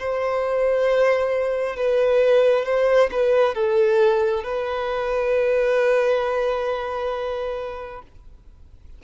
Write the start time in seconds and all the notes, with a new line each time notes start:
0.00 C5
1.77 B4
2.66 C5
3.12 B4
3.55 A4
4.45 B4